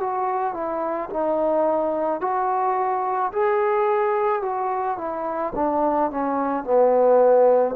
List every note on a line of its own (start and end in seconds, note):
0.00 0.54 F#4
0.54 1.09 E4
1.10 2.20 D#4
2.20 3.31 F#4
3.32 4.42 G#4
4.42 4.97 F#4
4.97 5.53 E4
5.55 6.11 D4
6.11 6.64 C#4
6.64 7.75 B3